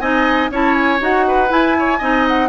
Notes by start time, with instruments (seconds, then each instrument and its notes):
0.00 bassoon C4, clarinet D#4, oboe D#5, flute G#5
0.50 bassoon C#4, clarinet E4, oboe C#5, flute A5
0.74 flute G#5
1.00 bassoon D#4, clarinet F#4, flute F#5
1.28 oboe B4
1.48 clarinet E4, bassoon E4, flute G#5
1.79 oboe C#5
1.99 bassoon C4, clarinet D#4, oboe D#5
2.28 flute F#5